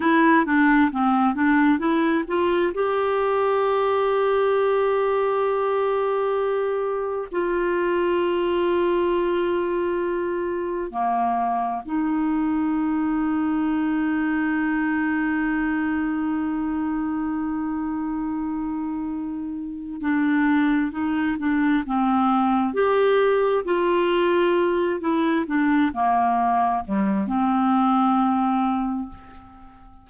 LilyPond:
\new Staff \with { instrumentName = "clarinet" } { \time 4/4 \tempo 4 = 66 e'8 d'8 c'8 d'8 e'8 f'8 g'4~ | g'1 | f'1 | ais4 dis'2.~ |
dis'1~ | dis'2 d'4 dis'8 d'8 | c'4 g'4 f'4. e'8 | d'8 ais4 g8 c'2 | }